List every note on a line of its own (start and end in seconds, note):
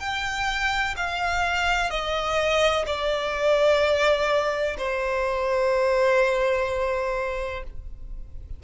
0.00 0.95 G5
0.97 1.90 F5
1.90 2.86 D#5
2.87 4.77 D5
4.78 7.64 C5